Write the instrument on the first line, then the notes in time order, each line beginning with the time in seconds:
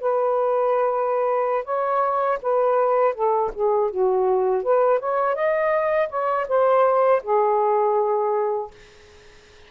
saxophone
0.00 B4
1.64 C#5
2.42 B4
3.14 A4
3.54 G#4
3.91 F#4
4.63 B4
4.99 C#5
5.35 D#5
6.09 C#5
6.48 C5
7.23 G#4